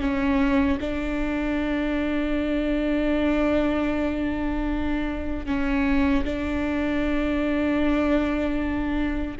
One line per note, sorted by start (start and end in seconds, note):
0.00 0.78 C#4
0.80 5.45 D4
5.45 6.23 C#4
6.24 9.36 D4